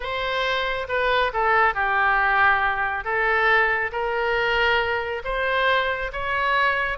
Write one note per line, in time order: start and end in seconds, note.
0.00 0.87 C5
0.88 1.32 B4
1.33 1.74 A4
1.74 3.04 G4
3.04 3.91 A4
3.92 5.22 A#4
5.24 6.11 C5
6.12 6.98 C#5